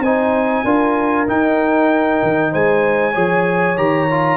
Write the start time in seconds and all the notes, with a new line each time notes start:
0.00 C4 D#4 C5 G#5
0.64 D4 F4 A#4
1.27 D#4 G5
2.23 D#3
2.52 G#3 C5 G#5
3.12 F3 G#4 C#5
3.77 D#3 G4 A#5
4.11 F4